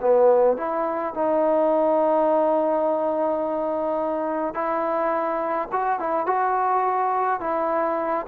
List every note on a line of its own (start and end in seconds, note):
0.00 0.57 B3
0.57 1.14 E4
1.14 4.54 D#4
4.54 5.68 E4
5.71 5.99 F#4
5.99 6.26 E4
6.26 7.40 F#4
7.40 8.26 E4